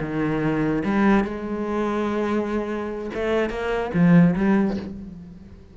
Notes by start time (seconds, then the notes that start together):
0.00 D#3
0.84 G3
1.24 G#3
3.14 A3
3.49 A#3
3.93 F3
4.35 G3